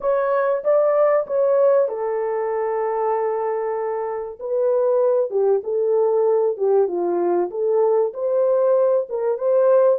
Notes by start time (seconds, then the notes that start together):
0.00 C#5
0.63 D5
1.26 C#5
1.88 A4
4.39 B4
5.30 G4
5.63 A4
6.57 G4
6.87 F4
7.50 A4
8.13 C5
9.09 A#4
9.38 C5